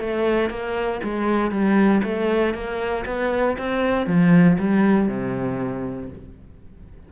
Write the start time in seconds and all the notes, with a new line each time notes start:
0.00 A3
0.49 A#3
1.03 G#3
1.51 G3
2.03 A3
2.54 A#3
3.06 B3
3.58 C4
4.07 F3
4.59 G3
5.08 C3